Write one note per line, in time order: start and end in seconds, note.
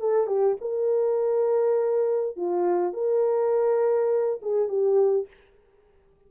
0.00 0.27 A4
0.27 0.56 G4
0.61 2.36 A#4
2.36 2.93 F4
2.93 4.40 A#4
4.42 4.68 G#4
4.68 5.27 G4